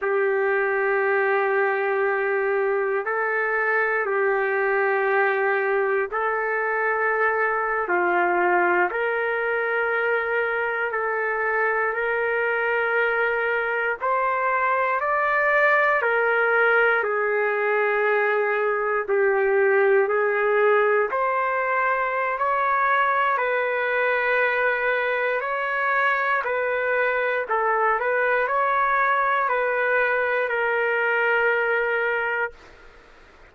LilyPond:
\new Staff \with { instrumentName = "trumpet" } { \time 4/4 \tempo 4 = 59 g'2. a'4 | g'2 a'4.~ a'16 f'16~ | f'8. ais'2 a'4 ais'16~ | ais'4.~ ais'16 c''4 d''4 ais'16~ |
ais'8. gis'2 g'4 gis'16~ | gis'8. c''4~ c''16 cis''4 b'4~ | b'4 cis''4 b'4 a'8 b'8 | cis''4 b'4 ais'2 | }